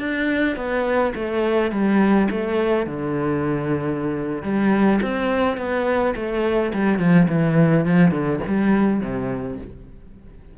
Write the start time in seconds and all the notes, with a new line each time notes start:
0.00 D4
0.57 B3
1.15 A3
1.72 G3
2.31 A3
2.87 D3
4.43 G3
5.02 C4
5.57 B3
6.16 A3
6.74 G3
6.99 F3
7.29 E3
7.86 F3
8.12 D3
8.48 G3
9.01 C3